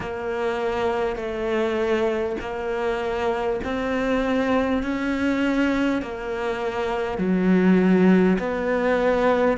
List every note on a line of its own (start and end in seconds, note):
0.00 1.16 A#3
1.16 2.36 A3
2.40 3.60 A#3
3.64 4.83 C4
4.83 6.02 C#4
6.02 7.18 A#3
7.18 8.38 F#3
8.38 9.57 B3